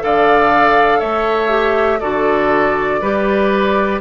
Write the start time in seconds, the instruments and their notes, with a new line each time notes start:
0.00 bassoon D3, clarinet A4, oboe D5, flute F5
0.99 bassoon A3, oboe C#5, flute E5
1.49 clarinet G4
2.00 bassoon D3, clarinet F#4, oboe A4, flute D5
3.02 bassoon G3, clarinet G4, oboe B4